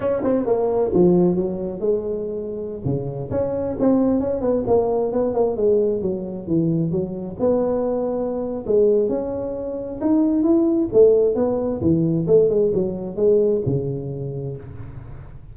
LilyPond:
\new Staff \with { instrumentName = "tuba" } { \time 4/4 \tempo 4 = 132 cis'8 c'8 ais4 f4 fis4 | gis2~ gis16 cis4 cis'8.~ | cis'16 c'4 cis'8 b8 ais4 b8 ais16~ | ais16 gis4 fis4 e4 fis8.~ |
fis16 b2~ b8. gis4 | cis'2 dis'4 e'4 | a4 b4 e4 a8 gis8 | fis4 gis4 cis2 | }